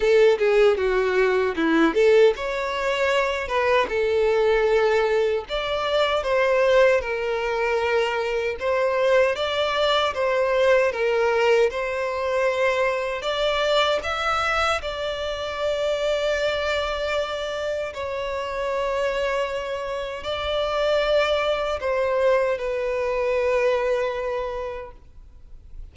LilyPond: \new Staff \with { instrumentName = "violin" } { \time 4/4 \tempo 4 = 77 a'8 gis'8 fis'4 e'8 a'8 cis''4~ | cis''8 b'8 a'2 d''4 | c''4 ais'2 c''4 | d''4 c''4 ais'4 c''4~ |
c''4 d''4 e''4 d''4~ | d''2. cis''4~ | cis''2 d''2 | c''4 b'2. | }